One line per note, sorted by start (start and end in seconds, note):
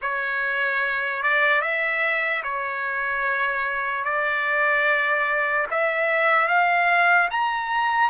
0.01 1.22 C#5
1.22 1.61 D5
1.61 2.42 E5
2.43 4.04 C#5
4.04 5.66 D5
5.71 6.48 E5
6.48 7.29 F5
7.30 8.09 A#5